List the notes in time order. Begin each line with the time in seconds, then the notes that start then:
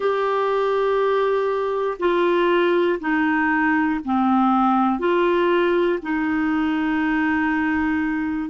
0.00 G4
1.99 F4
3.00 D#4
4.05 C4
4.99 F4
6.02 D#4